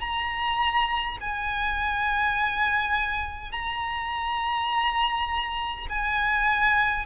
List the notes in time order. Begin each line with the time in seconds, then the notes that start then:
0.00 A#5
1.20 G#5
3.51 A#5
5.89 G#5